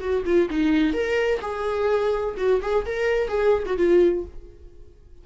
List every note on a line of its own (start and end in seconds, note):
0.00 0.23 F#4
0.25 0.49 F4
0.50 0.94 D#4
0.94 1.40 A#4
1.41 2.35 G#4
2.37 2.61 F#4
2.62 2.85 G#4
2.86 3.28 A#4
3.28 3.63 G#4
3.66 3.77 F#4
3.78 4.24 F4